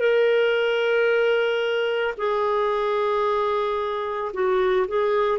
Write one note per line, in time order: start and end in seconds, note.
0.00 2.14 A#4
2.17 4.31 G#4
4.33 4.87 F#4
4.87 5.39 G#4